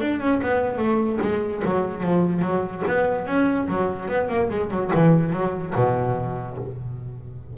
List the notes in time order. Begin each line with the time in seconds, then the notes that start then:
0.00 D4
0.20 C#4
0.42 B3
0.77 A3
1.21 G#3
1.64 F#3
2.02 F3
2.41 F#3
2.87 B3
3.26 C#4
3.68 F#3
4.08 B3
4.28 A#3
4.49 G#3
4.70 F#3
4.94 E3
5.32 F#3
5.75 B2